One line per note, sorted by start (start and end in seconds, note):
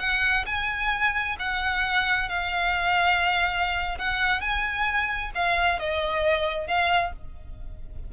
0.00 0.45 F#5
0.46 1.37 G#5
1.40 2.29 F#5
2.29 3.98 F5
3.99 4.41 F#5
4.41 5.32 G#5
5.35 5.79 F5
5.79 6.67 D#5
6.67 7.13 F5